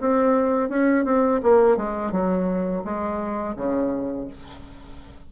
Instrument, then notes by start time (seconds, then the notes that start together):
bassoon
0.00 C4
0.69 C#4
1.05 C4
1.43 A#3
1.77 G#3
2.12 F#3
2.84 G#3
3.56 C#3